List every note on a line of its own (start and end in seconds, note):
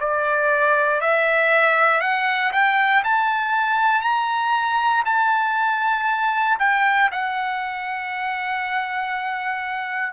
0.00 1.01 D5
1.01 2.01 E5
2.01 2.52 F#5
2.52 3.03 G5
3.04 4.02 A5
4.02 5.03 A#5
5.06 6.58 A5
6.59 7.10 G5
7.12 10.13 F#5